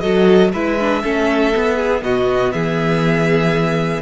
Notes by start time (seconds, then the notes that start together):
0.00 F#3 F#4 A4 D#5
0.53 G#3 E4 B4 E5
0.80 D4
1.03 A3 C#4 A4
1.53 B3
1.76 G#4
2.02 B2 F#4 D#5
2.52 E3 G#4 E5